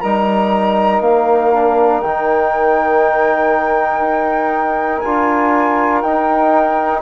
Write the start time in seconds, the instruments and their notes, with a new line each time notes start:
0.00 bassoon G3, trombone D#4, saxophone A#4, flute A#5
1.00 bassoon A#3, flute F5
1.53 trombone D4
2.00 bassoon D#3, trombone D#4, flute G5
4.00 bassoon D#4
4.99 trombone F4, flute G#5
5.05 bassoon D4
6.01 trombone D#4, bassoon D#4, flute G5